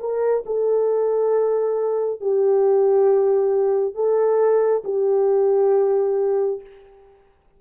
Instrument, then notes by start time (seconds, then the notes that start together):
horn
0.00 A#4
0.46 A4
2.21 G4
3.95 A4
4.84 G4